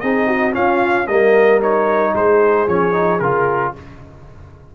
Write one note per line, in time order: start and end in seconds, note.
0.00 0.56 C4
0.00 0.52 D#4
0.00 0.28 G#4
0.00 0.53 D#5
0.28 0.54 F#4
0.52 1.05 C#4
0.52 1.08 C#4
0.52 1.07 F4
0.52 1.07 F5
1.07 2.14 G3
1.07 1.62 A#3
1.07 2.14 A#4
1.07 1.60 D#5
1.62 2.68 D#4
1.62 2.15 C#5
2.14 2.67 G#3
2.14 3.74 G#4
2.14 2.68 C5
2.68 3.21 F3
2.68 2.93 C#4
2.68 3.19 C#5
2.93 3.19 D#4
3.19 3.74 C#3
3.19 3.76 F4
3.19 3.72 A#4